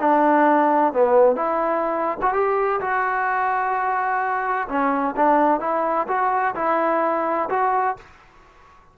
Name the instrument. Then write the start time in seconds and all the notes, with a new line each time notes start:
trombone
0.00 D4
0.93 B3
1.36 E4
2.22 F#4
2.34 G4
2.81 F#4
4.68 C#4
5.16 D4
5.60 E4
6.08 F#4
6.55 E4
7.50 F#4